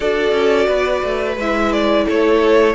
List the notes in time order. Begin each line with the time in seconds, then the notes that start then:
0.00 D4 F#4 A4 D5
0.32 C#4
0.66 B3 B4
1.03 A3
1.36 G#3 E4 E5
1.72 D5
2.05 A3 A4 C#5